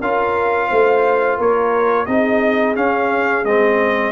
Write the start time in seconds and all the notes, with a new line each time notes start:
0.00 C#4 F4 A#4 F5
0.69 A3 C5
1.37 A#3 A#4 C#5
2.06 C4 D#4 G#4 D#5
2.75 C#4 F5
3.45 G#3 C4 D#5